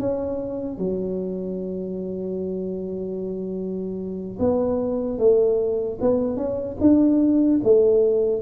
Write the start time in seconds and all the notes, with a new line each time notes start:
0.00 C#4
0.79 F#3
4.40 B3
5.19 A3
6.01 B3
6.37 C#4
6.81 D4
7.64 A3